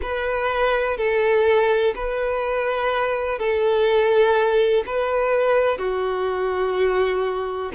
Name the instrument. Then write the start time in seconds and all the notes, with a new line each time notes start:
violin
0.01 B4
0.97 A4
1.95 B4
3.39 A4
4.86 B4
5.78 F#4